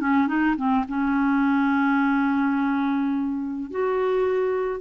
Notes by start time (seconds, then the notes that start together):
0.00 C#4
0.27 D#4
0.56 C4
0.88 C#4
3.70 F#4